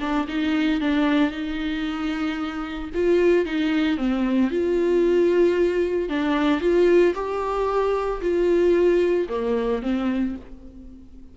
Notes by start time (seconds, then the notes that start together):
0.00 D4
0.28 D#4
0.80 D4
1.31 D#4
2.94 F4
3.45 D#4
3.97 C4
4.50 F4
6.09 D4
6.60 F4
7.14 G4
8.21 F4
9.29 A#3
9.82 C4